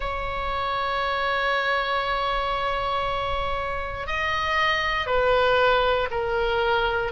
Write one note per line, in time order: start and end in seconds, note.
0.00 4.07 C#5
4.07 5.06 D#5
5.06 6.08 B4
6.11 7.11 A#4